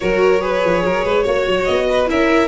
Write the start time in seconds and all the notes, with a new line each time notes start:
0.00 F#3 F#4 A#4 C#5
0.40 G#4 B4
0.64 F3
0.84 F#3 A#4
1.04 G#3 B4
1.23 A#3 F#4 C#5
1.47 F#3
1.64 B3 D#5
1.90 B4
2.06 C#4 E4 A#4 E5